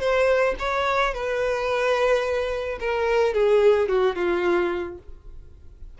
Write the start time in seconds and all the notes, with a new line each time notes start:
0.00 C5
0.59 C#5
1.13 B4
2.80 A#4
3.34 G#4
3.88 F#4
4.15 F4